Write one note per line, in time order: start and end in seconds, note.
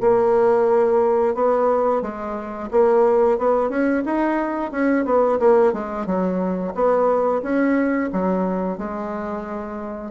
0.00 1.34 A#3
1.34 2.02 B3
2.02 2.69 G#3
2.71 3.38 A#3
3.38 3.69 B3
3.69 4.02 C#4
4.05 4.71 D#4
4.71 5.05 C#4
5.05 5.38 B3
5.39 5.73 A#3
5.73 6.06 G#3
6.06 6.73 F#3
6.74 7.42 B3
7.42 8.09 C#4
8.12 8.78 F#3
8.78 10.11 G#3